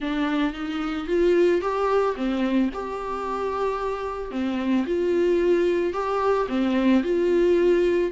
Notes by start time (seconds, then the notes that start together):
0.00 D4
0.53 D#4
1.07 F4
1.61 G4
2.15 C4
2.73 G4
4.31 C4
4.86 F4
5.93 G4
6.48 C4
7.03 F4